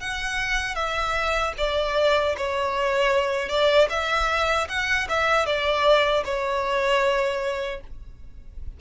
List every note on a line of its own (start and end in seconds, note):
0.00 0.75 F#5
0.75 1.53 E5
1.57 2.35 D5
2.37 3.49 C#5
3.49 3.87 D5
3.89 4.67 E5
4.68 5.07 F#5
5.09 5.45 E5
5.45 6.23 D5
6.24 7.80 C#5